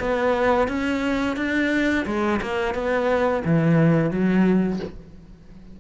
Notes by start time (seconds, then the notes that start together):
0.00 B3
0.68 C#4
1.37 D4
2.07 G#3
2.42 A#3
2.75 B3
3.45 E3
4.11 F#3